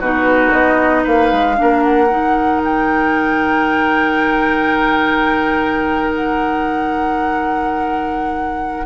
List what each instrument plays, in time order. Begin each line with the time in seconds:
0.00 bassoon B2, clarinet D#4, oboe F#4, flute B4
0.53 bassoon B3, flute D#5
1.04 bassoon A#3, oboe B4, flute F5
1.33 bassoon G#3
1.56 clarinet D4, oboe A#4
1.62 bassoon A#3
1.83 flute F#5
2.10 bassoon D#3, clarinet D#4
2.64 flute G5
6.15 flute F#5